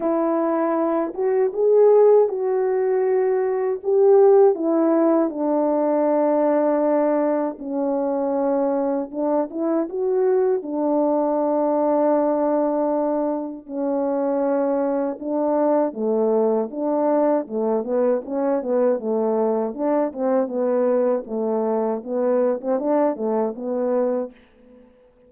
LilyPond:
\new Staff \with { instrumentName = "horn" } { \time 4/4 \tempo 4 = 79 e'4. fis'8 gis'4 fis'4~ | fis'4 g'4 e'4 d'4~ | d'2 cis'2 | d'8 e'8 fis'4 d'2~ |
d'2 cis'2 | d'4 a4 d'4 a8 b8 | cis'8 b8 a4 d'8 c'8 b4 | a4 b8. c'16 d'8 a8 b4 | }